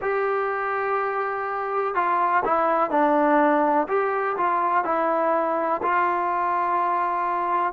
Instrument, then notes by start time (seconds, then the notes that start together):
trombone
0.01 G4
1.94 F4
2.45 E4
2.90 D4
3.88 G4
4.37 F4
4.84 E4
5.82 F4